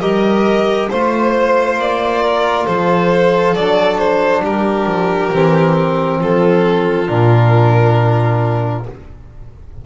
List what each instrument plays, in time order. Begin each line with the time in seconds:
0.00 double bass G3, trombone G4, violin A#4 D#5
0.89 double bass A3, trombone F4, violin C5
1.77 double bass A#3, violin D5
2.22 violin A#4
2.65 double bass F3, violin A4 C5
3.55 double bass F#3, trombone D4, violin D5
3.98 violin C5
4.43 double bass G3, violin G4 A#4
4.86 double bass F3
5.32 double bass E3, trombone C4
6.20 double bass F3, violin F4 A4
7.06 double bass A#2, trombone D4, violin A#4